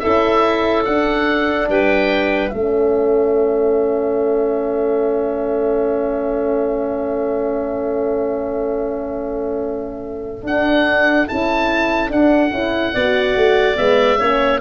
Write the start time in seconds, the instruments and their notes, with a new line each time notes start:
0.00 tuba C#4, horn E4, clarinet A4, oboe E5
0.85 tuba D4, horn D4, oboe F#5
1.69 tuba G3, clarinet B4, oboe G5
2.49 tuba A3, horn C#4, clarinet A4, oboe E5
10.43 tuba D4, horn D4, oboe F#5
11.27 tuba C#4, horn E4, oboe A5
12.09 horn D4, tuba D4, oboe F#5
12.51 tuba C#4, horn E4
12.94 tuba B3, horn F#4, clarinet D5
13.36 tuba A3
13.76 tuba G#3, horn B3, oboe E5
14.19 tuba A#3, horn C#4, clarinet C#5